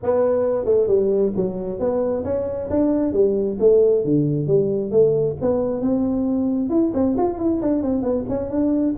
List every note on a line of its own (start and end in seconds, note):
0.02 0.65 B3
0.65 0.87 A3
0.87 1.32 G3
1.36 1.79 F#3
1.79 2.24 B3
2.24 2.69 C#4
2.70 3.12 D4
3.12 3.57 G3
3.59 4.04 A3
4.04 4.47 D3
4.47 4.91 G3
4.91 5.36 A3
5.41 5.81 B3
5.81 6.69 C4
6.69 6.91 E4
6.93 7.16 C4
7.17 7.38 F4
7.38 7.61 E4
7.61 7.82 D4
7.82 8.02 C4
8.02 8.24 B3
8.28 8.50 C#4
8.50 8.95 D4